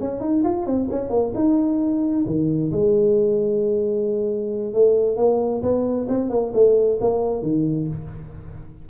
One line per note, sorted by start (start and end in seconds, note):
0.00 0.21 C#4
0.21 0.43 D#4
0.44 0.66 F4
0.66 0.89 C4
0.91 1.10 C#4
1.10 1.32 A#3
1.35 2.25 D#4
2.26 2.71 D#3
2.72 4.74 G#3
4.74 5.17 A3
5.17 5.62 A#3
5.62 6.07 B3
6.09 6.30 C4
6.30 6.52 A#3
6.54 6.99 A3
7.00 7.42 A#3
7.42 7.87 D#3